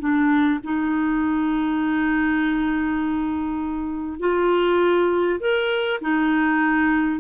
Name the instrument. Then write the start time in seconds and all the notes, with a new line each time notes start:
clarinet
0.00 D4
0.64 D#4
4.19 F4
5.40 A#4
6.01 D#4